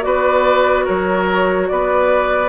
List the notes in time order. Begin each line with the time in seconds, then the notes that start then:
0.00 B3 F#4 B4 D5
0.85 F#3 A#4 C#5
1.68 B3 B4 D5